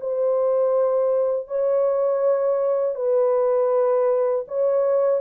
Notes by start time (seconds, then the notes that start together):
0.00 C5
1.47 C#5
2.95 B4
4.48 C#5